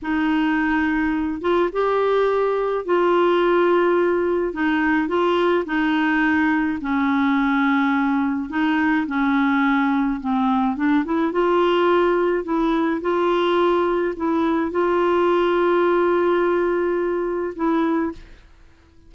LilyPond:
\new Staff \with { instrumentName = "clarinet" } { \time 4/4 \tempo 4 = 106 dis'2~ dis'8 f'8 g'4~ | g'4 f'2. | dis'4 f'4 dis'2 | cis'2. dis'4 |
cis'2 c'4 d'8 e'8 | f'2 e'4 f'4~ | f'4 e'4 f'2~ | f'2. e'4 | }